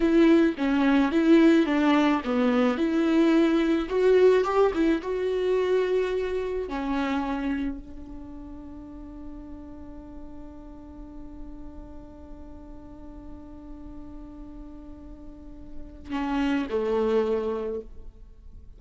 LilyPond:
\new Staff \with { instrumentName = "viola" } { \time 4/4 \tempo 4 = 108 e'4 cis'4 e'4 d'4 | b4 e'2 fis'4 | g'8 e'8 fis'2. | cis'2 d'2~ |
d'1~ | d'1~ | d'1~ | d'4 cis'4 a2 | }